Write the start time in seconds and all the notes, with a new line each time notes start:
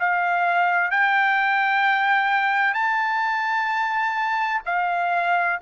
0.00 F5
0.91 G5
2.74 A5
4.66 F5